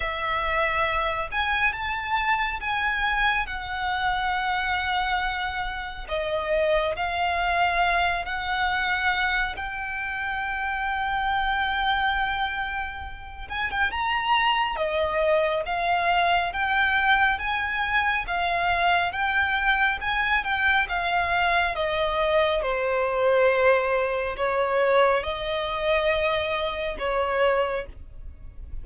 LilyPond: \new Staff \with { instrumentName = "violin" } { \time 4/4 \tempo 4 = 69 e''4. gis''8 a''4 gis''4 | fis''2. dis''4 | f''4. fis''4. g''4~ | g''2.~ g''8 gis''16 g''16 |
ais''4 dis''4 f''4 g''4 | gis''4 f''4 g''4 gis''8 g''8 | f''4 dis''4 c''2 | cis''4 dis''2 cis''4 | }